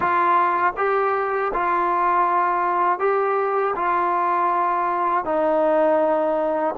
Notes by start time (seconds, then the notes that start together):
0.00 F4
0.76 G4
1.53 F4
2.99 G4
3.75 F4
5.24 D#4